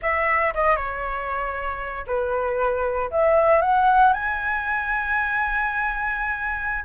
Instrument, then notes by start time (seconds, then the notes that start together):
flute
0.01 E5
0.54 D#5
0.76 C#5
2.07 B4
3.10 E5
3.61 F#5
4.13 G#5